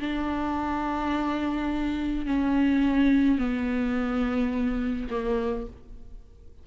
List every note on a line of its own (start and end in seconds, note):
0.00 2.26 D4
2.26 3.38 C#4
3.38 5.08 B3
5.10 5.67 A#3